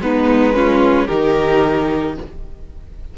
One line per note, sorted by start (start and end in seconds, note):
0.00 1.07 G#3
0.00 0.53 B3
0.00 0.56 D#4
0.00 1.06 B4
0.53 1.07 C#4
0.53 1.06 F4
1.06 2.17 D#3
1.06 2.17 D#4
1.06 2.13 G4
1.06 2.14 A#4